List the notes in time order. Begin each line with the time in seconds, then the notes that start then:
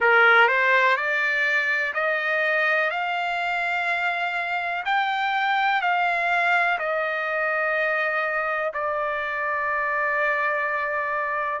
0.00 A#4
0.48 C5
0.96 D5
1.94 D#5
2.90 F5
4.85 G5
5.81 F5
6.78 D#5
8.73 D5